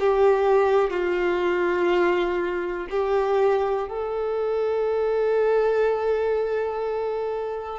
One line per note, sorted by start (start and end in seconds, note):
0.00 0.90 G4
0.90 2.87 F4
2.90 3.89 G4
3.89 7.79 A4